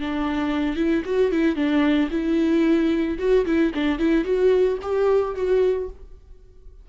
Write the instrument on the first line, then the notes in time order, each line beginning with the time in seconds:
viola
0.00 D4
0.76 E4
1.05 F#4
1.31 E4
1.55 D4
2.11 E4
3.18 F#4
3.46 E4
3.74 D4
3.99 E4
4.24 F#4
4.82 G4
5.35 F#4